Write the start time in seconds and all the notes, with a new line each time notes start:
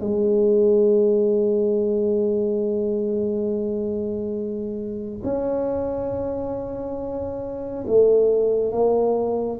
0.00 G#3
5.23 C#4
7.87 A3
8.72 A#3